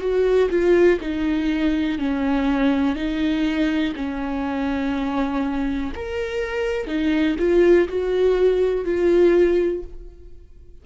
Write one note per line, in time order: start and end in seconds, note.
0.00 0.49 F#4
0.50 0.99 F4
1.01 1.99 D#4
1.99 2.96 C#4
2.96 3.94 D#4
3.96 5.92 C#4
5.95 6.87 A#4
6.87 7.36 D#4
7.39 7.88 F4
7.88 8.85 F#4
8.85 9.83 F4